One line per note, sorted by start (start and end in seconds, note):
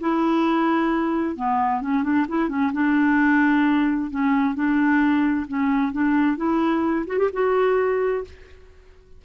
0.00 1.36 E4
1.36 1.81 B3
1.81 2.03 C#4
2.03 2.26 D4
2.29 2.49 E4
2.49 2.72 C#4
2.73 4.10 D4
4.11 4.55 C#4
4.55 5.46 D4
5.48 5.93 C#4
5.93 6.37 D4
6.37 7.06 E4
7.07 7.18 F#4
7.18 7.30 G4
7.33 8.24 F#4